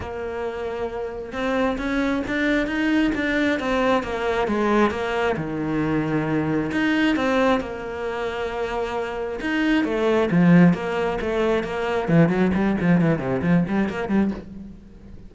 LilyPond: \new Staff \with { instrumentName = "cello" } { \time 4/4 \tempo 4 = 134 ais2. c'4 | cis'4 d'4 dis'4 d'4 | c'4 ais4 gis4 ais4 | dis2. dis'4 |
c'4 ais2.~ | ais4 dis'4 a4 f4 | ais4 a4 ais4 e8 fis8 | g8 f8 e8 c8 f8 g8 ais8 g8 | }